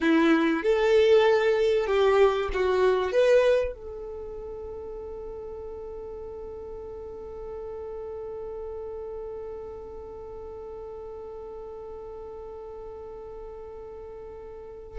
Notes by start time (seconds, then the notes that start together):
0.00 E4
0.62 A4
1.86 G4
2.53 F#4
3.12 B4
3.74 A4